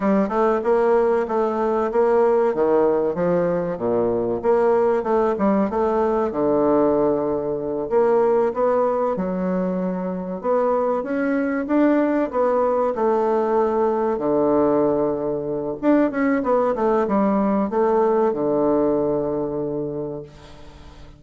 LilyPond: \new Staff \with { instrumentName = "bassoon" } { \time 4/4 \tempo 4 = 95 g8 a8 ais4 a4 ais4 | dis4 f4 ais,4 ais4 | a8 g8 a4 d2~ | d8 ais4 b4 fis4.~ |
fis8 b4 cis'4 d'4 b8~ | b8 a2 d4.~ | d4 d'8 cis'8 b8 a8 g4 | a4 d2. | }